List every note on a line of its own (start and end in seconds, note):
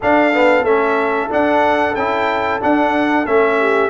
0.00 0.33 D4
0.00 0.62 D4
0.00 3.58 A4
0.00 0.65 F5
0.33 0.65 B3
0.62 1.27 A3
0.62 1.29 C#4
0.62 1.30 E5
1.29 1.94 D4
1.29 1.95 D4
1.29 1.95 F#5
1.95 2.60 C#4
1.95 2.60 E4
1.95 2.60 G5
2.60 3.25 D4
2.60 3.26 F#5
3.25 3.90 A3
3.25 3.90 C#4
3.25 3.90 E5
3.59 3.90 G4